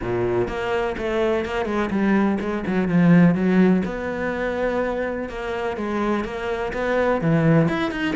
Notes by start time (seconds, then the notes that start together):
0.02 A#2
0.48 A#3
0.97 A3
1.45 A#3
1.65 G#3
1.90 G3
2.40 G#3
2.67 F#3
2.88 F3
3.34 F#3
3.85 B3
5.29 A#3
5.76 G#3
6.24 A#3
6.73 B3
7.21 E3
7.68 E4
7.91 D#4